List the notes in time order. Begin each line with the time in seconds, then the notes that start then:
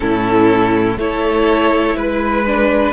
0.00 A2 C#4 E4 A4
0.97 A3 E4 A4 C#5
1.95 G#3 B4
2.46 D4